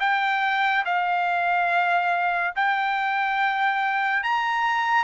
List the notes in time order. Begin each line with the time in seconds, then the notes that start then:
0.00 G5
0.85 F5
2.56 G5
4.23 A#5